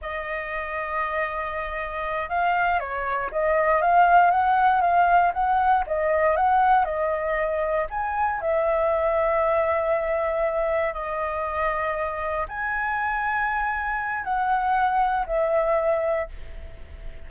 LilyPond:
\new Staff \with { instrumentName = "flute" } { \time 4/4 \tempo 4 = 118 dis''1~ | dis''8 f''4 cis''4 dis''4 f''8~ | f''8 fis''4 f''4 fis''4 dis''8~ | dis''8 fis''4 dis''2 gis''8~ |
gis''8 e''2.~ e''8~ | e''4. dis''2~ dis''8~ | dis''8 gis''2.~ gis''8 | fis''2 e''2 | }